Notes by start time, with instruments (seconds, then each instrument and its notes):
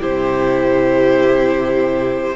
0.00 cello C3, viola E4, violin G4 C5